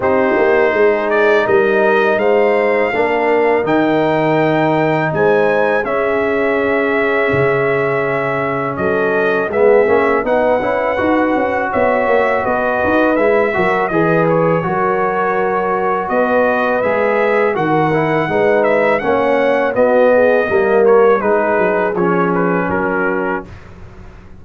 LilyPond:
<<
  \new Staff \with { instrumentName = "trumpet" } { \time 4/4 \tempo 4 = 82 c''4. d''8 dis''4 f''4~ | f''4 g''2 gis''4 | e''1 | dis''4 e''4 fis''2 |
e''4 dis''4 e''4 dis''8 cis''8~ | cis''2 dis''4 e''4 | fis''4. e''8 fis''4 dis''4~ | dis''8 cis''8 b'4 cis''8 b'8 ais'4 | }
  \new Staff \with { instrumentName = "horn" } { \time 4/4 g'4 gis'4 ais'4 c''4 | ais'2. c''4 | gis'1 | a'4 gis'4 b'2 |
cis''4 b'4. ais'8 b'4 | ais'2 b'2 | ais'4 b'4 cis''4 fis'8 gis'8 | ais'4 gis'2 fis'4 | }
  \new Staff \with { instrumentName = "trombone" } { \time 4/4 dis'1 | d'4 dis'2. | cis'1~ | cis'4 b8 cis'8 dis'8 e'8 fis'4~ |
fis'2 e'8 fis'8 gis'4 | fis'2. gis'4 | fis'8 e'8 dis'4 cis'4 b4 | ais4 dis'4 cis'2 | }
  \new Staff \with { instrumentName = "tuba" } { \time 4/4 c'8 ais8 gis4 g4 gis4 | ais4 dis2 gis4 | cis'2 cis2 | fis4 gis8 ais8 b8 cis'8 dis'8 cis'8 |
b8 ais8 b8 dis'8 gis8 fis8 e4 | fis2 b4 gis4 | dis4 gis4 ais4 b4 | g4 gis8 fis8 f4 fis4 | }
>>